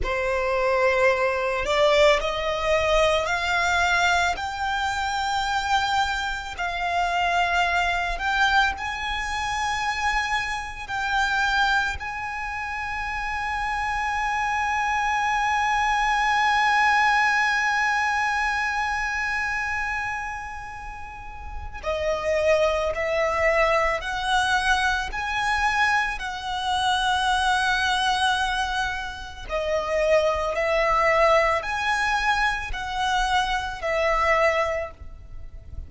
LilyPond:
\new Staff \with { instrumentName = "violin" } { \time 4/4 \tempo 4 = 55 c''4. d''8 dis''4 f''4 | g''2 f''4. g''8 | gis''2 g''4 gis''4~ | gis''1~ |
gis''1 | dis''4 e''4 fis''4 gis''4 | fis''2. dis''4 | e''4 gis''4 fis''4 e''4 | }